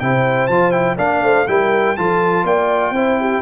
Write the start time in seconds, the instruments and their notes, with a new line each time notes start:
0.00 tuba C3, trombone E4, horn C5, trumpet G5
0.47 tuba F3, trombone F4, trumpet A5
0.72 trombone E4, trumpet G5
0.97 tuba A#3, trombone D4, horn D5, trumpet F5
1.22 tuba A3, horn C5
1.48 tuba G3, trombone E4, horn A#4, trumpet G5
1.97 tuba F3, trombone F4, horn A4, trumpet A5
2.44 tuba A#3, horn D5, trumpet G5
2.91 tuba C4, trombone E4, horn C5
3.20 horn G4